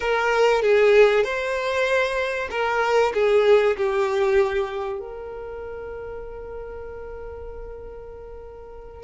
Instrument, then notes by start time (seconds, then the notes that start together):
violin
0.00 A#4
0.62 G#4
1.24 C5
2.50 A#4
3.14 G#4
3.77 G4
4.99 A#4